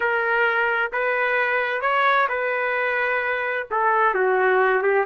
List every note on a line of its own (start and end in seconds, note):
0.00 0.91 A#4
0.92 1.81 B4
1.81 2.27 C#5
2.28 3.67 B4
3.70 4.14 A4
4.14 4.82 F#4
4.82 5.05 G4